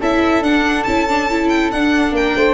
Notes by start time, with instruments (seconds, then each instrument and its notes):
0.00 tuba C#4, viola E4, flute A4, violin E5
0.42 tuba D4, viola D4, violin F#5
0.84 tuba C#4, viola E4, violin A5
1.08 viola D4
1.30 viola E4
1.49 violin G5
1.72 tuba D4, viola D4, violin F#5
2.12 tuba A#3, flute A#4, violin G5
2.36 tuba A3, flute C5